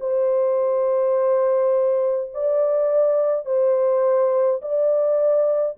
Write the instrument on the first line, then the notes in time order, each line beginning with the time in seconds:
horn
0.00 C5
2.34 D5
3.45 C5
4.61 D5